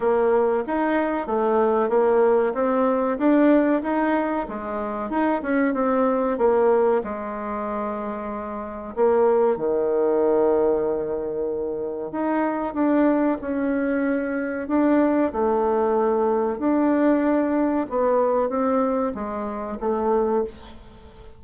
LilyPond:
\new Staff \with { instrumentName = "bassoon" } { \time 4/4 \tempo 4 = 94 ais4 dis'4 a4 ais4 | c'4 d'4 dis'4 gis4 | dis'8 cis'8 c'4 ais4 gis4~ | gis2 ais4 dis4~ |
dis2. dis'4 | d'4 cis'2 d'4 | a2 d'2 | b4 c'4 gis4 a4 | }